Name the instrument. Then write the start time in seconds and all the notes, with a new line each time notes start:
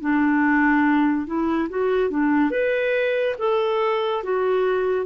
clarinet
0.00 D4
1.26 E4
1.69 F#4
2.10 D4
2.50 B4
3.38 A4
4.23 F#4